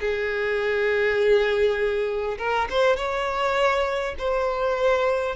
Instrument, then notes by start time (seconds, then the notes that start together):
violin
0.00 G#4
2.38 A#4
2.70 C5
2.96 C#5
4.18 C5